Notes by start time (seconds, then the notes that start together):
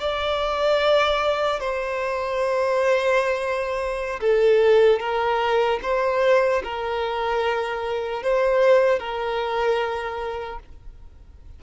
0.00 D5
1.60 C5
4.20 A4
5.00 A#4
5.83 C5
6.63 A#4
8.23 C5
8.99 A#4